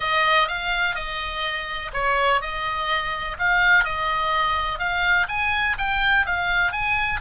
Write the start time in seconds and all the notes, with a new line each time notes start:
0.00 D#5
0.48 F5
0.95 D#5
1.93 C#5
2.41 D#5
3.38 F5
3.84 D#5
4.78 F5
5.28 G#5
5.78 G5
6.26 F5
6.72 G#5